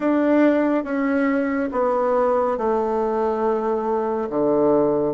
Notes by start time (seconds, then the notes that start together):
0.00 D4
0.84 C#4
1.71 B3
2.57 A3
4.29 D3